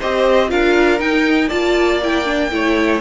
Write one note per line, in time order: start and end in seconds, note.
0.00 0.52 C4
0.00 0.49 G4
0.00 0.50 C5
0.00 0.51 D#5
0.49 1.01 D4
0.49 0.99 F4
0.49 1.48 A#4
0.49 1.00 F5
0.99 1.49 D#4
0.99 1.51 D#4
0.99 1.50 G5
1.48 2.52 A#3
1.48 2.01 F4
1.48 2.49 D5
1.48 2.00 A5
2.03 2.25 E4
2.03 3.01 G5
2.25 2.50 D4
2.51 3.01 A3
2.51 3.01 E4
2.51 3.01 C#5